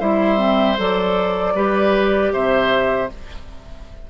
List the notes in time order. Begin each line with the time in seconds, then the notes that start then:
0.00 G3 E4 C5 E5
0.38 C4
0.78 F#3 A4 D5
1.55 G3 G4 B4
2.33 C3 C5 E5